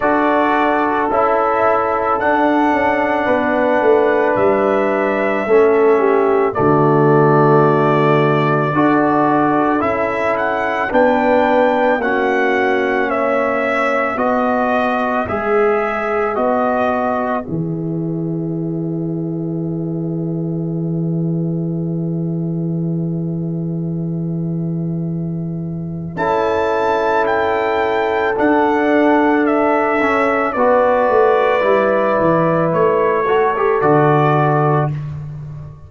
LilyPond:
<<
  \new Staff \with { instrumentName = "trumpet" } { \time 4/4 \tempo 4 = 55 d''4 e''4 fis''2 | e''2 d''2~ | d''4 e''8 fis''8 g''4 fis''4 | e''4 dis''4 e''4 dis''4 |
e''1~ | e''1 | a''4 g''4 fis''4 e''4 | d''2 cis''4 d''4 | }
  \new Staff \with { instrumentName = "horn" } { \time 4/4 a'2. b'4~ | b'4 a'8 g'8 fis'2 | a'2 b'4 fis'4 | cis''4 b'2.~ |
b'1~ | b'1 | a'1 | b'2~ b'8 a'4. | }
  \new Staff \with { instrumentName = "trombone" } { \time 4/4 fis'4 e'4 d'2~ | d'4 cis'4 a2 | fis'4 e'4 d'4 cis'4~ | cis'4 fis'4 gis'4 fis'4 |
gis'1~ | gis'1 | e'2 d'4. cis'8 | fis'4 e'4. fis'16 g'16 fis'4 | }
  \new Staff \with { instrumentName = "tuba" } { \time 4/4 d'4 cis'4 d'8 cis'8 b8 a8 | g4 a4 d2 | d'4 cis'4 b4 ais4~ | ais4 b4 gis4 b4 |
e1~ | e1 | cis'2 d'4. cis'8 | b8 a8 g8 e8 a4 d4 | }
>>